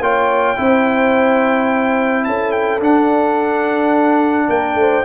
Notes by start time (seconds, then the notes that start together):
0.00 A#3 F4 C#5 G5
0.57 C4 E4 C5
2.25 C#4 A4 A5
2.52 G5
2.80 D4 F#5
4.48 A#3 A#4 G5
4.75 A3 C5